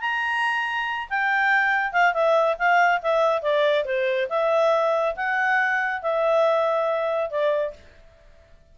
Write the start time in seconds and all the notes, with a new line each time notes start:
0.00 A#5
1.09 G5
1.92 F5
2.13 E5
2.58 F5
3.02 E5
3.42 D5
3.85 C5
4.29 E5
5.16 F#5
6.02 E5
7.30 D5